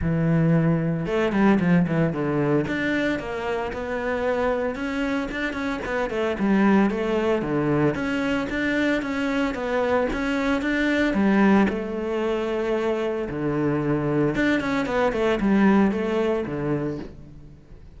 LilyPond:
\new Staff \with { instrumentName = "cello" } { \time 4/4 \tempo 4 = 113 e2 a8 g8 f8 e8 | d4 d'4 ais4 b4~ | b4 cis'4 d'8 cis'8 b8 a8 | g4 a4 d4 cis'4 |
d'4 cis'4 b4 cis'4 | d'4 g4 a2~ | a4 d2 d'8 cis'8 | b8 a8 g4 a4 d4 | }